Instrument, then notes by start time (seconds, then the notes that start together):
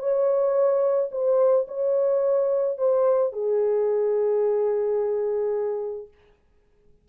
horn
0.00 C#5
1.12 C5
1.68 C#5
2.78 C5
3.33 G#4